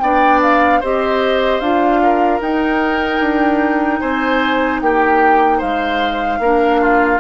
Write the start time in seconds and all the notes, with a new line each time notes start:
0.00 B3 D4 D5 G5
0.43 F5
0.80 C4 G4 C5 D#5
1.60 D4 F4 F5
2.03 A#4
2.41 D#4 G5
3.20 D4
4.00 C4 C5 G#5
4.81 A#3 G4 G5
5.58 G#3 C5 F5
6.39 A#3 D4 A#4
6.81 F4